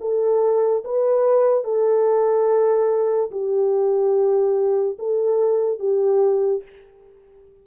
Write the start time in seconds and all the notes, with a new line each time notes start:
0.00 A4
0.84 B4
1.64 A4
3.31 G4
4.98 A4
5.79 G4